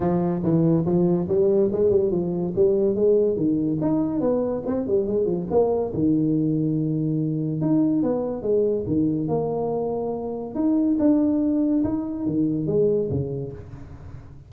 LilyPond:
\new Staff \with { instrumentName = "tuba" } { \time 4/4 \tempo 4 = 142 f4 e4 f4 g4 | gis8 g8 f4 g4 gis4 | dis4 dis'4 b4 c'8 g8 | gis8 f8 ais4 dis2~ |
dis2 dis'4 b4 | gis4 dis4 ais2~ | ais4 dis'4 d'2 | dis'4 dis4 gis4 cis4 | }